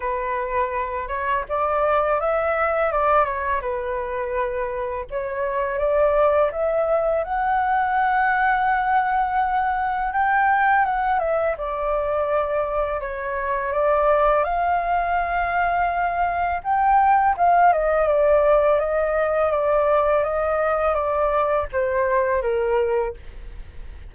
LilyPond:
\new Staff \with { instrumentName = "flute" } { \time 4/4 \tempo 4 = 83 b'4. cis''8 d''4 e''4 | d''8 cis''8 b'2 cis''4 | d''4 e''4 fis''2~ | fis''2 g''4 fis''8 e''8 |
d''2 cis''4 d''4 | f''2. g''4 | f''8 dis''8 d''4 dis''4 d''4 | dis''4 d''4 c''4 ais'4 | }